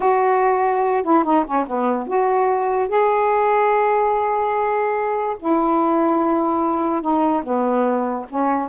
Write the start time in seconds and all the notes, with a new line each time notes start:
0.00 F#4
1.03 E4
1.24 D#4
1.45 C#4
1.66 B3
2.07 F#4
2.88 G#4
5.39 E4
7.01 D#4
7.43 B3
8.29 C#4